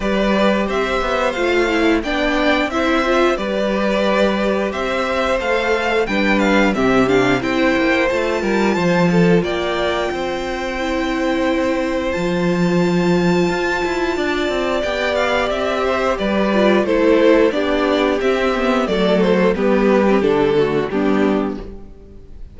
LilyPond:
<<
  \new Staff \with { instrumentName = "violin" } { \time 4/4 \tempo 4 = 89 d''4 e''4 f''4 g''4 | e''4 d''2 e''4 | f''4 g''8 f''8 e''8 f''8 g''4 | a''2 g''2~ |
g''2 a''2~ | a''2 g''8 f''8 e''4 | d''4 c''4 d''4 e''4 | d''8 c''8 b'4 a'4 g'4 | }
  \new Staff \with { instrumentName = "violin" } { \time 4/4 b'4 c''2 d''4 | c''4 b'2 c''4~ | c''4 b'4 g'4 c''4~ | c''8 ais'8 c''8 a'8 d''4 c''4~ |
c''1~ | c''4 d''2~ d''8 c''8 | b'4 a'4 g'2 | a'4 g'4. fis'8 d'4 | }
  \new Staff \with { instrumentName = "viola" } { \time 4/4 g'2 f'8 e'8 d'4 | e'8 f'8 g'2. | a'4 d'4 c'8 d'8 e'4 | f'1 |
e'2 f'2~ | f'2 g'2~ | g'8 f'8 e'4 d'4 c'8 b8 | a4 b8. c'16 d'8 a8 b4 | }
  \new Staff \with { instrumentName = "cello" } { \time 4/4 g4 c'8 b8 a4 b4 | c'4 g2 c'4 | a4 g4 c4 c'8 ais8 | a8 g8 f4 ais4 c'4~ |
c'2 f2 | f'8 e'8 d'8 c'8 b4 c'4 | g4 a4 b4 c'4 | fis4 g4 d4 g4 | }
>>